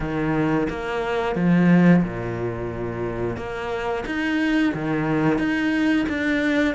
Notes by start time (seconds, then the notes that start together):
0.00 D#3
0.69 A#3
1.35 F3
2.03 A#2
3.36 A#3
4.05 D#4
4.74 D#3
5.38 D#4
6.09 D4